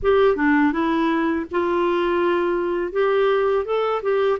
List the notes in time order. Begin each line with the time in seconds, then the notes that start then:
0.02 G4
0.36 D4
0.72 E4
1.51 F4
2.92 G4
3.65 A4
4.02 G4